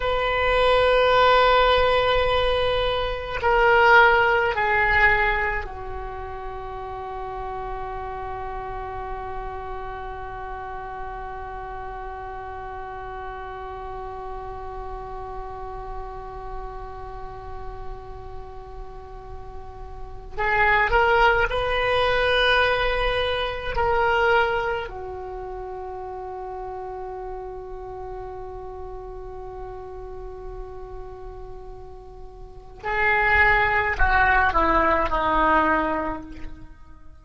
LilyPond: \new Staff \with { instrumentName = "oboe" } { \time 4/4 \tempo 4 = 53 b'2. ais'4 | gis'4 fis'2.~ | fis'1~ | fis'1~ |
fis'2 gis'8 ais'8 b'4~ | b'4 ais'4 fis'2~ | fis'1~ | fis'4 gis'4 fis'8 e'8 dis'4 | }